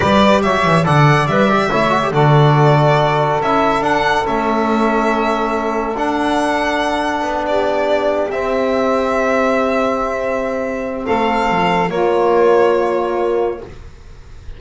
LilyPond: <<
  \new Staff \with { instrumentName = "violin" } { \time 4/4 \tempo 4 = 141 d''4 e''4 fis''4 e''4~ | e''4 d''2. | e''4 fis''4 e''2~ | e''2 fis''2~ |
fis''4. d''2 e''8~ | e''1~ | e''2 f''2 | cis''1 | }
  \new Staff \with { instrumentName = "saxophone" } { \time 4/4 b'4 cis''4 d''2 | cis''4 a'2.~ | a'1~ | a'1~ |
a'4. g'2~ g'8~ | g'1~ | g'2 a'2 | f'1 | }
  \new Staff \with { instrumentName = "trombone" } { \time 4/4 g'2 a'4 b'8 g'8 | e'8 fis'16 g'16 fis'2. | e'4 d'4 cis'2~ | cis'2 d'2~ |
d'2.~ d'8 c'8~ | c'1~ | c'1 | ais1 | }
  \new Staff \with { instrumentName = "double bass" } { \time 4/4 g4 fis8 e8 d4 g4 | a4 d2. | cis'4 d'4 a2~ | a2 d'2~ |
d'4 b2~ b8 c'8~ | c'1~ | c'2 a4 f4 | ais1 | }
>>